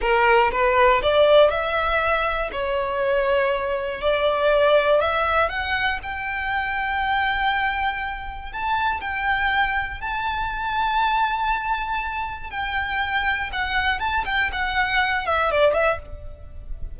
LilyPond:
\new Staff \with { instrumentName = "violin" } { \time 4/4 \tempo 4 = 120 ais'4 b'4 d''4 e''4~ | e''4 cis''2. | d''2 e''4 fis''4 | g''1~ |
g''4 a''4 g''2 | a''1~ | a''4 g''2 fis''4 | a''8 g''8 fis''4. e''8 d''8 e''8 | }